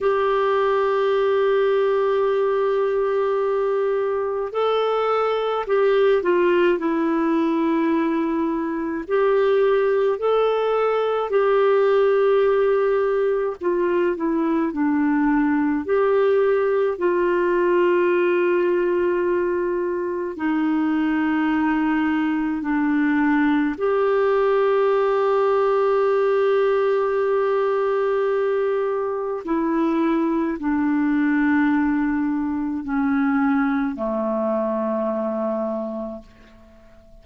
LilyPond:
\new Staff \with { instrumentName = "clarinet" } { \time 4/4 \tempo 4 = 53 g'1 | a'4 g'8 f'8 e'2 | g'4 a'4 g'2 | f'8 e'8 d'4 g'4 f'4~ |
f'2 dis'2 | d'4 g'2.~ | g'2 e'4 d'4~ | d'4 cis'4 a2 | }